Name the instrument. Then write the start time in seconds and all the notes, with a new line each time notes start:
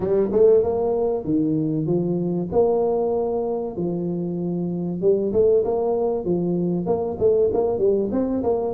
tuba
0.00 G3
0.32 A3
0.62 A#3
1.24 D#3
1.86 F3
2.52 A#3
3.76 F3
5.01 G3
5.32 A3
5.64 A#3
6.24 F3
6.86 A#3
7.19 A3
7.53 A#3
7.78 G3
8.11 C4
8.43 A#3